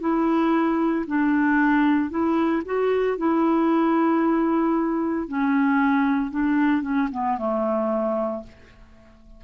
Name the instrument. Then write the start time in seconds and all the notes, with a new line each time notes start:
clarinet
0.00 E4
1.07 D4
2.10 E4
2.66 F#4
3.18 E4
5.28 C#4
6.31 D4
6.82 C#4
7.12 B3
7.38 A3